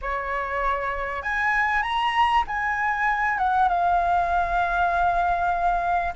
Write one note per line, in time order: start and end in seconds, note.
0.01 1.22 C#5
1.22 1.82 G#5
1.82 2.43 A#5
2.47 3.38 G#5
3.38 3.68 F#5
3.68 6.13 F5